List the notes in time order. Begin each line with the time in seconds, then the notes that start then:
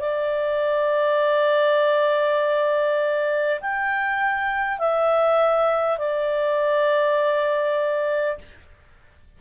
0.00 D5
3.61 G5
4.79 E5
5.98 D5